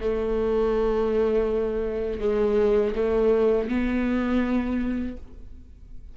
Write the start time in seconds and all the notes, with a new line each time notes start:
0.00 A3
2.20 G#3
2.95 A3
3.69 B3